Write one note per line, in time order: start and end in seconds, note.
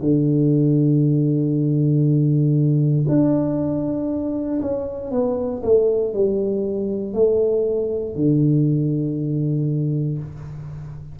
0.00 3.05 D3
3.08 4.60 D4
4.61 5.11 C#4
5.11 5.62 B3
5.63 6.13 A3
6.13 7.13 G3
7.13 8.15 A3
8.15 10.18 D3